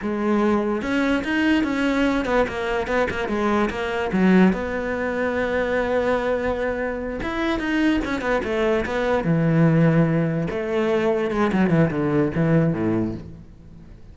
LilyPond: \new Staff \with { instrumentName = "cello" } { \time 4/4 \tempo 4 = 146 gis2 cis'4 dis'4 | cis'4. b8 ais4 b8 ais8 | gis4 ais4 fis4 b4~ | b1~ |
b4. e'4 dis'4 cis'8 | b8 a4 b4 e4.~ | e4. a2 gis8 | fis8 e8 d4 e4 a,4 | }